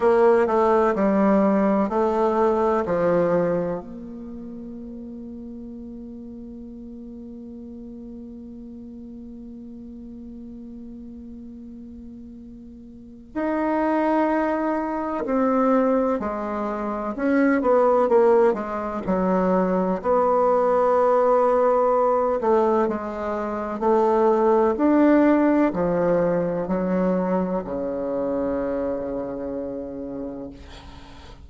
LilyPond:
\new Staff \with { instrumentName = "bassoon" } { \time 4/4 \tempo 4 = 63 ais8 a8 g4 a4 f4 | ais1~ | ais1~ | ais2 dis'2 |
c'4 gis4 cis'8 b8 ais8 gis8 | fis4 b2~ b8 a8 | gis4 a4 d'4 f4 | fis4 cis2. | }